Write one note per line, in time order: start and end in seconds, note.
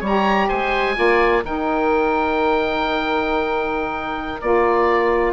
0.00 0.48 G3
0.00 0.47 C#5
0.00 0.49 A#5
0.06 0.94 G4
0.48 0.97 G#3
0.48 0.95 C5
0.48 1.43 G#5
0.94 1.43 A#3
0.94 1.42 F4
0.94 1.44 D5
1.43 4.39 D#3
1.43 4.39 D#4
1.43 5.33 A#4
1.43 4.41 G5
4.41 5.33 A#3
4.41 5.33 F4
4.41 5.33 D5